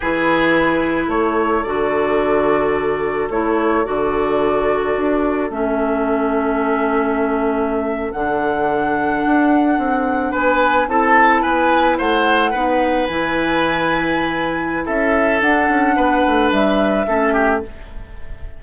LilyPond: <<
  \new Staff \with { instrumentName = "flute" } { \time 4/4 \tempo 4 = 109 b'2 cis''4 d''4~ | d''2 cis''4 d''4~ | d''2 e''2~ | e''2~ e''8. fis''4~ fis''16~ |
fis''2~ fis''8. gis''4 a''16~ | a''8. gis''4 fis''2 gis''16~ | gis''2. e''4 | fis''2 e''2 | }
  \new Staff \with { instrumentName = "oboe" } { \time 4/4 gis'2 a'2~ | a'1~ | a'1~ | a'1~ |
a'2~ a'8. b'4 a'16~ | a'8. b'4 c''4 b'4~ b'16~ | b'2. a'4~ | a'4 b'2 a'8 g'8 | }
  \new Staff \with { instrumentName = "clarinet" } { \time 4/4 e'2. fis'4~ | fis'2 e'4 fis'4~ | fis'2 cis'2~ | cis'2~ cis'8. d'4~ d'16~ |
d'2.~ d'8. e'16~ | e'2~ e'8. dis'4 e'16~ | e'1 | d'2. cis'4 | }
  \new Staff \with { instrumentName = "bassoon" } { \time 4/4 e2 a4 d4~ | d2 a4 d4~ | d4 d'4 a2~ | a2~ a8. d4~ d16~ |
d8. d'4 c'4 b4 c'16~ | c'8. b4 a4 b4 e16~ | e2. cis'4 | d'8 cis'8 b8 a8 g4 a4 | }
>>